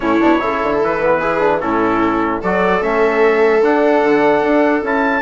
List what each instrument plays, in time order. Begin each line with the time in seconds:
0.00 bassoon A2, trombone C#4, viola E4, trumpet C#5
0.20 bassoon B2, trombone D4
0.39 bassoon C#3, trombone E4, viola A4
0.62 bassoon D3
0.82 bassoon E3, trumpet B4
1.02 trombone B3
1.20 trombone E4, viola G#4
1.40 trombone D4
1.60 bassoon A2, trombone C#4, viola E4, trumpet A4
2.41 bassoon F#3, trombone F#4, viola A4, trumpet D5
2.81 bassoon A3, trombone C#4, trumpet E5
3.61 bassoon D4, trombone D4, trumpet F#5
4.03 bassoon D3
4.41 bassoon D4
4.82 bassoon C#4, trombone E4, trumpet A5